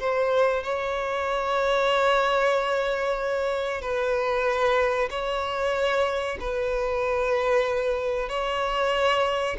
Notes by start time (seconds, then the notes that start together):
0.00 C5
0.64 C#5
3.82 B4
5.11 C#5
6.40 B4
8.29 C#5